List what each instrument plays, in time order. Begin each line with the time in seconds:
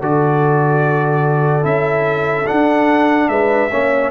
0.00 tuba D3, trombone F#4, horn A4, trumpet D5
1.62 tuba C#4, trombone E4, trumpet E5
2.47 trombone D4, tuba D4, trumpet F#5
3.28 tuba G#3, horn B4, trumpet E5
3.71 tuba A#3, trombone C#4, horn C#5